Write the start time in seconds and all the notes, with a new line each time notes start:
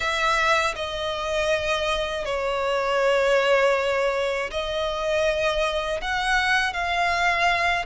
0.00 E5
0.75 D#5
2.25 C#5
4.50 D#5
6.01 F#5
6.73 F5